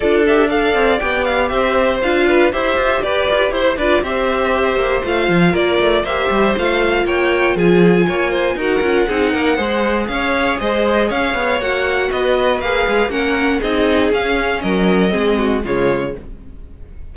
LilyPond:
<<
  \new Staff \with { instrumentName = "violin" } { \time 4/4 \tempo 4 = 119 d''8 e''8 f''4 g''8 f''8 e''4 | f''4 e''4 d''4 c''8 d''8 | e''2 f''4 d''4 | e''4 f''4 g''4 gis''4~ |
gis''4 fis''2. | f''4 dis''4 f''4 fis''4 | dis''4 f''4 fis''4 dis''4 | f''4 dis''2 cis''4 | }
  \new Staff \with { instrumentName = "violin" } { \time 4/4 a'4 d''2 c''4~ | c''8 b'8 c''4 b'4 c''8 b'8 | c''2. ais'4 | c''2 cis''4 gis'4 |
cis''8 c''8 ais'4 gis'8 ais'8 c''4 | cis''4 c''4 cis''2 | b'2 ais'4 gis'4~ | gis'4 ais'4 gis'8 fis'8 f'4 | }
  \new Staff \with { instrumentName = "viola" } { \time 4/4 f'8 g'8 a'4 g'2 | f'4 g'2~ g'8 f'8 | g'2 f'2 | g'4 f'2.~ |
f'4 fis'8 f'8 dis'4 gis'4~ | gis'2. fis'4~ | fis'4 gis'4 cis'4 dis'4 | cis'2 c'4 gis4 | }
  \new Staff \with { instrumentName = "cello" } { \time 4/4 d'4. c'8 b4 c'4 | d'4 e'8 f'8 g'8 f'8 e'8 d'8 | c'4. ais8 a8 f8 ais8 a8 | ais8 g8 a4 ais4 f4 |
ais4 dis'8 cis'8 c'8 ais8 gis4 | cis'4 gis4 cis'8 b8 ais4 | b4 ais8 gis8 ais4 c'4 | cis'4 fis4 gis4 cis4 | }
>>